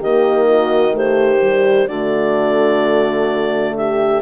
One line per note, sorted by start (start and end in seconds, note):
0.00 1.88 D#3
0.00 0.91 A#3
0.00 0.47 G4
0.00 0.96 D#5
0.49 0.95 F#4
0.91 1.38 A3
0.91 1.89 G4
0.91 1.88 C5
1.43 1.89 G3
1.88 4.22 D3
1.88 4.22 A3
1.88 3.76 F#4
1.88 3.76 D5
3.77 4.22 G4
3.77 4.22 E5